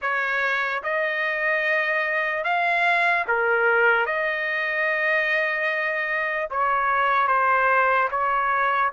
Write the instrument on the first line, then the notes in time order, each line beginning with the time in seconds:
trumpet
0.01 C#5
0.83 D#5
2.44 F5
3.27 A#4
4.05 D#5
6.50 C#5
7.27 C5
8.10 C#5